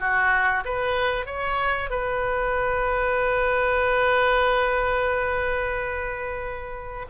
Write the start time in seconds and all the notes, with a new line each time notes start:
0.00 F#4
0.65 B4
1.27 C#5
1.91 B4